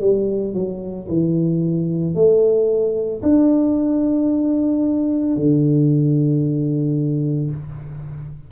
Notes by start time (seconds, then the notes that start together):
0.00 G3
0.54 F#3
1.08 E3
2.14 A3
3.22 D4
5.36 D3